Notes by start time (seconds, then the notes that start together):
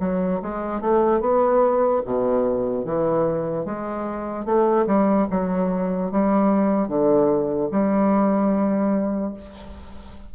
0.00 F#3
0.42 G#3
0.81 A3
1.21 B3
2.05 B2
2.85 E3
3.66 G#3
4.45 A3
4.87 G3
5.30 F#3
6.11 G3
6.88 D3
7.71 G3